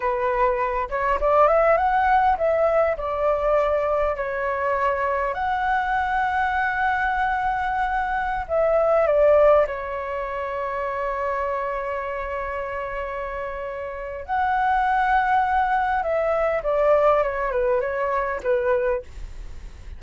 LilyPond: \new Staff \with { instrumentName = "flute" } { \time 4/4 \tempo 4 = 101 b'4. cis''8 d''8 e''8 fis''4 | e''4 d''2 cis''4~ | cis''4 fis''2.~ | fis''2~ fis''16 e''4 d''8.~ |
d''16 cis''2.~ cis''8.~ | cis''1 | fis''2. e''4 | d''4 cis''8 b'8 cis''4 b'4 | }